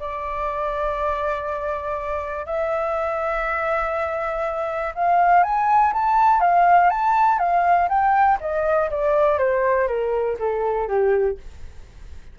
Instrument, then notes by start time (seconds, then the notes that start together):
flute
0.00 D5
2.46 E5
4.95 F5
5.43 G#5
5.93 A5
6.40 F5
6.90 A5
7.39 F5
7.89 G5
8.40 D#5
8.91 D5
9.39 C5
9.88 A#4
10.39 A4
10.88 G4